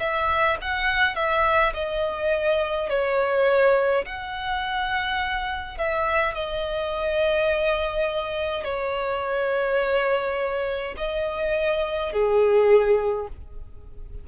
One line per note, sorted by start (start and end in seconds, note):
0.00 0.58 E5
0.62 1.15 F#5
1.15 1.73 E5
1.74 2.90 D#5
2.90 4.05 C#5
4.06 5.78 F#5
5.78 6.35 E5
6.35 8.64 D#5
8.64 10.95 C#5
10.97 12.13 D#5
12.13 13.28 G#4